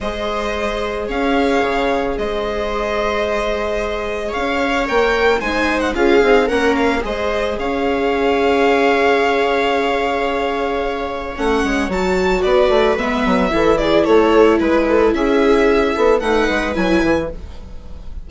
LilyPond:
<<
  \new Staff \with { instrumentName = "violin" } { \time 4/4 \tempo 4 = 111 dis''2 f''2 | dis''1 | f''4 g''4 gis''8. fis''16 f''4 | fis''8 f''8 dis''4 f''2~ |
f''1~ | f''4 fis''4 a''4 d''4 | e''4. d''8 cis''4 b'4 | e''2 fis''4 gis''4 | }
  \new Staff \with { instrumentName = "viola" } { \time 4/4 c''2 cis''2 | c''1 | cis''2 c''4 gis'4 | ais'4 c''4 cis''2~ |
cis''1~ | cis''2. b'4~ | b'4 a'8 gis'8 a'4 b'8 a'8 | gis'4. a'8 b'2 | }
  \new Staff \with { instrumentName = "viola" } { \time 4/4 gis'1~ | gis'1~ | gis'4 ais'4 dis'4 f'8 dis'8 | cis'4 gis'2.~ |
gis'1~ | gis'4 cis'4 fis'2 | b4 e'2.~ | e'2 dis'4 e'4 | }
  \new Staff \with { instrumentName = "bassoon" } { \time 4/4 gis2 cis'4 cis4 | gis1 | cis'4 ais4 gis4 cis'8 c'8 | ais4 gis4 cis'2~ |
cis'1~ | cis'4 a8 gis8 fis4 b8 a8 | gis8 fis8 e4 a4 gis4 | cis'4. b8 a8 gis8 fis8 e8 | }
>>